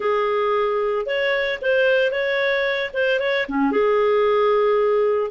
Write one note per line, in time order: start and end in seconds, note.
0.00 1.06 G#4
1.06 1.59 C#5
1.61 2.11 C5
2.11 2.90 C#5
2.93 3.19 C5
3.19 3.46 C#5
3.48 3.71 C#4
3.71 5.30 G#4